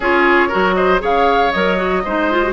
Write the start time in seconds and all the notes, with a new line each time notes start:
0.00 C#4 F4 G#4 C#5
0.48 F#3 F#4 A#4
0.74 C5 D#5
0.99 C#3 G#4 C#5 F5
1.51 F#3 A#4 D#5
1.76 F#4
2.04 G#3 D#4 C5
2.31 F4
2.43 F#4